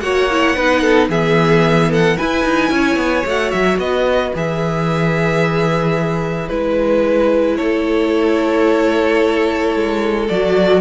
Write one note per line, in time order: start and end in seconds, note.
0.00 0.56 A#3
0.00 0.29 F#4
0.00 0.56 C#5
0.00 1.08 F#5
0.31 0.56 E4
0.56 1.09 B3
0.56 1.10 D#4
0.56 0.81 B4
0.81 1.08 A4
1.09 2.17 E3
1.09 2.17 B3
1.09 1.90 G#4
1.09 1.92 E5
1.90 2.17 A4
1.90 2.18 F#5
2.17 3.25 E4
2.17 2.44 E4
2.17 2.71 B4
2.17 3.26 G#5
2.44 2.70 D#4
2.70 2.96 C#4
2.70 3.80 C#5
2.96 3.23 B3
3.26 3.53 A3
3.26 4.34 F#4
3.26 3.50 F#5
3.50 3.78 F#3
3.50 3.77 E5
3.78 4.32 B3
3.78 7.57 B4
3.78 4.33 D#5
4.34 6.50 E3
4.34 6.49 G#4
4.34 6.49 E5
6.49 7.58 G#3
6.49 10.27 E4
6.49 7.56 B4
7.56 9.75 A3
7.56 10.81 A4
7.56 10.26 C#5
9.75 10.29 G#3
10.28 10.81 F#3
10.28 10.81 F#4
10.28 10.81 D5